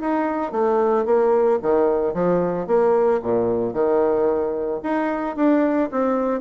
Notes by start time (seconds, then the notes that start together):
0.00 D#4
0.52 A3
1.05 A#3
1.62 D#3
2.14 F3
2.67 A#3
3.22 A#2
3.73 D#3
4.83 D#4
5.36 D4
5.91 C4